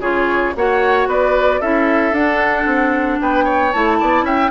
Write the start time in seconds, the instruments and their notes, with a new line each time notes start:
0.00 bassoon C#3, clarinet F4, oboe G#4, flute C#5
0.56 bassoon A#3, clarinet F#4, oboe C#5, flute F#5
1.07 bassoon B3, oboe B4, flute D5
1.61 bassoon C#4, clarinet E4, oboe A4, flute E5
2.12 bassoon D4, clarinet D4, flute F#5
2.66 bassoon C4
3.21 bassoon B3, oboe B4, flute G5
3.44 oboe C#5
3.73 bassoon A3, clarinet E4, flute A5
4.00 bassoon B3, oboe D5
4.23 bassoon C#4, oboe E5, flute G5